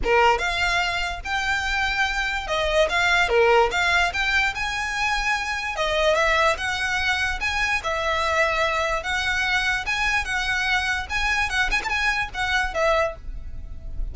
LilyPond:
\new Staff \with { instrumentName = "violin" } { \time 4/4 \tempo 4 = 146 ais'4 f''2 g''4~ | g''2 dis''4 f''4 | ais'4 f''4 g''4 gis''4~ | gis''2 dis''4 e''4 |
fis''2 gis''4 e''4~ | e''2 fis''2 | gis''4 fis''2 gis''4 | fis''8 gis''16 a''16 gis''4 fis''4 e''4 | }